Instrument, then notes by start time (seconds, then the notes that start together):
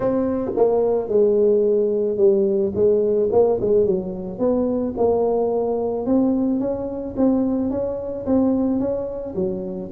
tuba
0.00 C4
0.56 A#3
1.08 G#3
2.17 G3
2.74 G#3
3.32 A#3
3.60 G#3
3.86 F#3
4.39 B3
4.97 A#3
6.06 C4
6.59 C#4
7.16 C4
7.70 C#4
8.26 C4
8.79 C#4
9.35 F#3